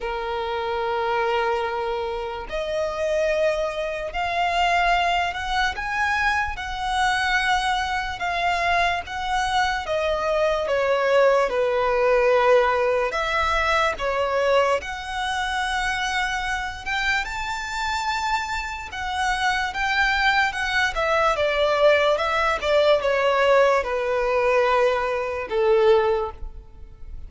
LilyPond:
\new Staff \with { instrumentName = "violin" } { \time 4/4 \tempo 4 = 73 ais'2. dis''4~ | dis''4 f''4. fis''8 gis''4 | fis''2 f''4 fis''4 | dis''4 cis''4 b'2 |
e''4 cis''4 fis''2~ | fis''8 g''8 a''2 fis''4 | g''4 fis''8 e''8 d''4 e''8 d''8 | cis''4 b'2 a'4 | }